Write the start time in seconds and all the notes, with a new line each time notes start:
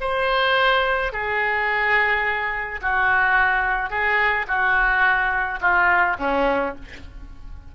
0.00 C5
1.12 G#4
2.81 F#4
3.90 G#4
4.47 F#4
5.60 F4
6.19 C#4